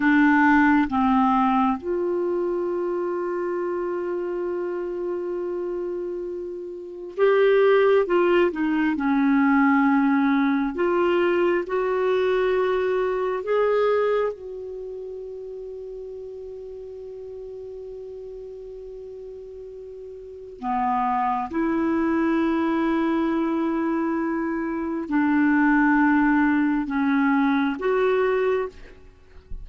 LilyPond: \new Staff \with { instrumentName = "clarinet" } { \time 4/4 \tempo 4 = 67 d'4 c'4 f'2~ | f'1 | g'4 f'8 dis'8 cis'2 | f'4 fis'2 gis'4 |
fis'1~ | fis'2. b4 | e'1 | d'2 cis'4 fis'4 | }